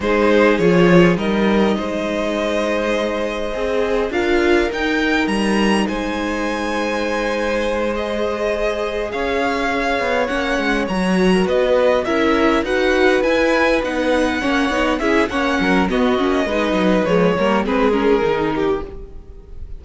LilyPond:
<<
  \new Staff \with { instrumentName = "violin" } { \time 4/4 \tempo 4 = 102 c''4 cis''4 dis''2~ | dis''2. f''4 | g''4 ais''4 gis''2~ | gis''4. dis''2 f''8~ |
f''4. fis''4 ais''4 dis''8~ | dis''8 e''4 fis''4 gis''4 fis''8~ | fis''4. e''8 fis''4 dis''4~ | dis''4 cis''4 b'8 ais'4. | }
  \new Staff \with { instrumentName = "violin" } { \time 4/4 gis'2 ais'4 c''4~ | c''2. ais'4~ | ais'2 c''2~ | c''2.~ c''8 cis''8~ |
cis''2.~ cis''16 ais'16 b'8~ | b'8 ais'4 b'2~ b'8~ | b'8 cis''4 gis'8 cis''8 ais'8 fis'4 | b'4. ais'8 gis'4. g'8 | }
  \new Staff \with { instrumentName = "viola" } { \time 4/4 dis'4 f'4 dis'2~ | dis'2 gis'4 f'4 | dis'1~ | dis'4. gis'2~ gis'8~ |
gis'4. cis'4 fis'4.~ | fis'8 e'4 fis'4 e'4 dis'8~ | dis'8 cis'8 dis'8 e'8 cis'4 b8 cis'8 | dis'4 gis8 ais8 c'8 cis'8 dis'4 | }
  \new Staff \with { instrumentName = "cello" } { \time 4/4 gis4 f4 g4 gis4~ | gis2 c'4 d'4 | dis'4 g4 gis2~ | gis2.~ gis8 cis'8~ |
cis'4 b8 ais8 gis8 fis4 b8~ | b8 cis'4 dis'4 e'4 b8~ | b8 ais8 b8 cis'8 ais8 fis8 b8 ais8 | gis8 fis8 f8 g8 gis4 dis4 | }
>>